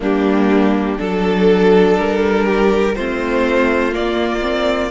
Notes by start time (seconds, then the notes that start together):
0.00 G3 A#3 D4 G4
0.97 F#3 D4 A4
1.97 G3 A#4
2.46 G4
2.95 A3 C4 F4 C5
3.91 A#3 D5
4.41 C4